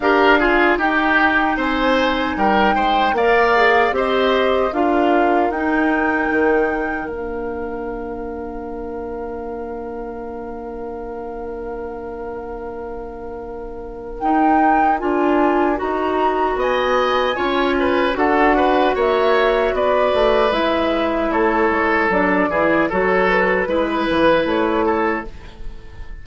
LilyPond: <<
  \new Staff \with { instrumentName = "flute" } { \time 4/4 \tempo 4 = 76 f''4 g''4 gis''4 g''4 | f''4 dis''4 f''4 g''4~ | g''4 f''2.~ | f''1~ |
f''2 g''4 gis''4 | ais''4 gis''2 fis''4 | e''4 d''4 e''4 cis''4 | d''4 cis''8 b'4. cis''4 | }
  \new Staff \with { instrumentName = "oboe" } { \time 4/4 ais'8 gis'8 g'4 c''4 ais'8 c''8 | d''4 c''4 ais'2~ | ais'1~ | ais'1~ |
ais'1~ | ais'4 dis''4 cis''8 b'8 a'8 b'8 | cis''4 b'2 a'4~ | a'8 gis'8 a'4 b'4. a'8 | }
  \new Staff \with { instrumentName = "clarinet" } { \time 4/4 g'8 f'8 dis'2. | ais'8 gis'8 g'4 f'4 dis'4~ | dis'4 d'2.~ | d'1~ |
d'2 dis'4 f'4 | fis'2 f'4 fis'4~ | fis'2 e'2 | d'8 e'8 fis'4 e'2 | }
  \new Staff \with { instrumentName = "bassoon" } { \time 4/4 d'4 dis'4 c'4 g8 gis8 | ais4 c'4 d'4 dis'4 | dis4 ais2.~ | ais1~ |
ais2 dis'4 d'4 | dis'4 b4 cis'4 d'4 | ais4 b8 a8 gis4 a8 gis8 | fis8 e8 fis4 gis8 e8 a4 | }
>>